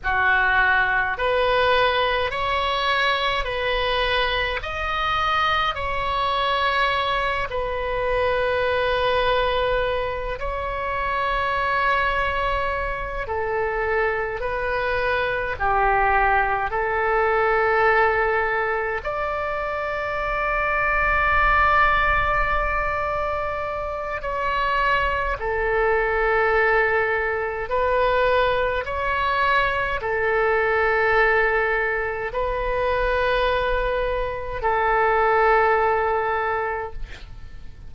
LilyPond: \new Staff \with { instrumentName = "oboe" } { \time 4/4 \tempo 4 = 52 fis'4 b'4 cis''4 b'4 | dis''4 cis''4. b'4.~ | b'4 cis''2~ cis''8 a'8~ | a'8 b'4 g'4 a'4.~ |
a'8 d''2.~ d''8~ | d''4 cis''4 a'2 | b'4 cis''4 a'2 | b'2 a'2 | }